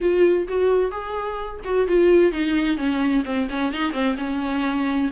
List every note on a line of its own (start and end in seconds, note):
0.01 0.47 F4
0.48 0.91 F#4
0.91 1.60 G#4
1.64 1.87 F#4
1.87 2.32 F4
2.32 2.77 D#4
2.77 3.23 C#4
3.24 3.48 C4
3.49 3.72 C#4
3.72 3.92 D#4
3.92 4.15 C4
4.17 5.10 C#4